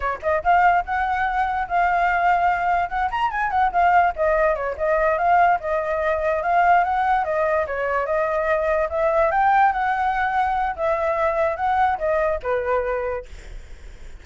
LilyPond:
\new Staff \with { instrumentName = "flute" } { \time 4/4 \tempo 4 = 145 cis''8 dis''8 f''4 fis''2 | f''2. fis''8 ais''8 | gis''8 fis''8 f''4 dis''4 cis''8 dis''8~ | dis''8 f''4 dis''2 f''8~ |
f''8 fis''4 dis''4 cis''4 dis''8~ | dis''4. e''4 g''4 fis''8~ | fis''2 e''2 | fis''4 dis''4 b'2 | }